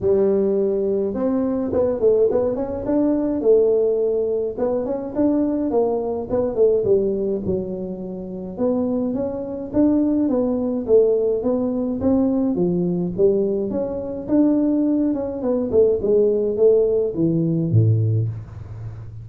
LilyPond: \new Staff \with { instrumentName = "tuba" } { \time 4/4 \tempo 4 = 105 g2 c'4 b8 a8 | b8 cis'8 d'4 a2 | b8 cis'8 d'4 ais4 b8 a8 | g4 fis2 b4 |
cis'4 d'4 b4 a4 | b4 c'4 f4 g4 | cis'4 d'4. cis'8 b8 a8 | gis4 a4 e4 a,4 | }